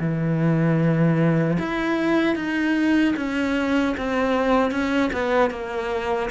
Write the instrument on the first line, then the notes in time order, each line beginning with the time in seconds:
cello
0.00 E3
1.59 E4
2.36 D#4
3.17 C#4
3.98 C4
4.72 C#4
5.13 B3
5.51 A#3